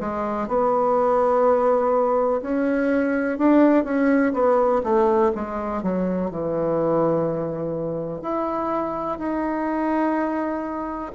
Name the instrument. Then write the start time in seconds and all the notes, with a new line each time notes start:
bassoon
0.00 G#3
0.48 B3
2.42 C#4
3.38 D4
3.84 C#4
4.34 B3
4.84 A3
5.35 G#3
5.83 F#3
6.31 E3
8.22 E4
9.18 D#4